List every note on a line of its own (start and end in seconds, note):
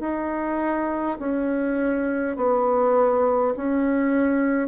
0.00 1.18 D#4
1.19 2.36 C#4
2.36 3.54 B3
3.57 4.68 C#4